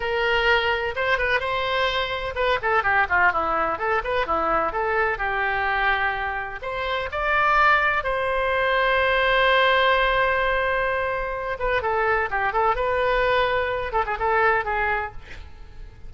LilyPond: \new Staff \with { instrumentName = "oboe" } { \time 4/4 \tempo 4 = 127 ais'2 c''8 b'8 c''4~ | c''4 b'8 a'8 g'8 f'8 e'4 | a'8 b'8 e'4 a'4 g'4~ | g'2 c''4 d''4~ |
d''4 c''2.~ | c''1~ | c''8 b'8 a'4 g'8 a'8 b'4~ | b'4. a'16 gis'16 a'4 gis'4 | }